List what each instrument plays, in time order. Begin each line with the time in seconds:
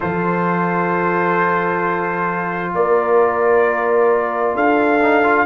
0.00 tuba F3, trombone F4, horn A4, trumpet C5
2.73 tuba A#3, horn A#4, trumpet D5
4.54 tuba D4, horn A4, trumpet F5
5.02 trombone D#4
5.23 trombone F4